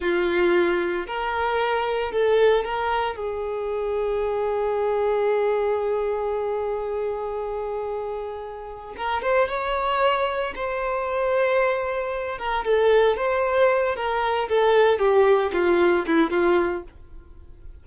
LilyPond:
\new Staff \with { instrumentName = "violin" } { \time 4/4 \tempo 4 = 114 f'2 ais'2 | a'4 ais'4 gis'2~ | gis'1~ | gis'1~ |
gis'4 ais'8 c''8 cis''2 | c''2.~ c''8 ais'8 | a'4 c''4. ais'4 a'8~ | a'8 g'4 f'4 e'8 f'4 | }